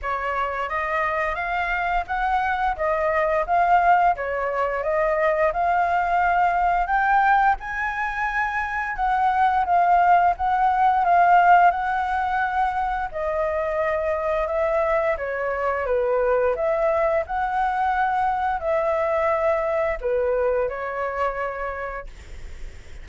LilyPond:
\new Staff \with { instrumentName = "flute" } { \time 4/4 \tempo 4 = 87 cis''4 dis''4 f''4 fis''4 | dis''4 f''4 cis''4 dis''4 | f''2 g''4 gis''4~ | gis''4 fis''4 f''4 fis''4 |
f''4 fis''2 dis''4~ | dis''4 e''4 cis''4 b'4 | e''4 fis''2 e''4~ | e''4 b'4 cis''2 | }